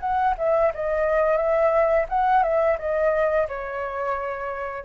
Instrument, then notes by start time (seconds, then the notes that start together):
flute
0.00 F#5
0.38 E5
0.74 D#5
1.37 E5
2.09 F#5
2.43 E5
2.78 D#5
3.48 C#5